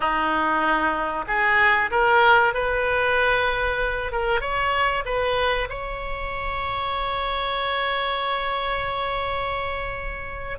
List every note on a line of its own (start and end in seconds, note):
0.00 1.25 D#4
1.27 1.90 G#4
1.90 2.53 A#4
2.53 4.11 B4
4.11 4.40 A#4
4.40 5.04 C#5
5.05 5.68 B4
5.69 10.58 C#5